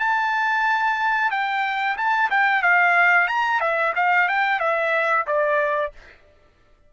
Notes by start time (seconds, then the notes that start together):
0.00 A5
1.31 G5
1.97 A5
2.30 G5
2.63 F5
3.28 A#5
3.61 E5
3.96 F5
4.29 G5
4.60 E5
5.27 D5